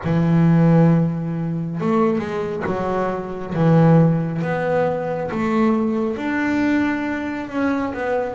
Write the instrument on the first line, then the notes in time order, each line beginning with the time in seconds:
double bass
0.04 E3
1.80 A3
2.19 G#3
2.66 F#3
3.54 E3
4.42 B3
5.31 A3
6.16 D4
7.49 C#4
7.93 B3